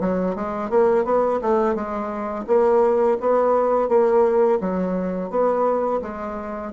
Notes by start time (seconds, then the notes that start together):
0.00 F#3
0.35 G#3
0.70 A#3
1.05 B3
1.41 A3
1.75 G#3
2.47 A#3
3.20 B3
3.88 A#3
4.60 F#3
5.30 B3
6.02 G#3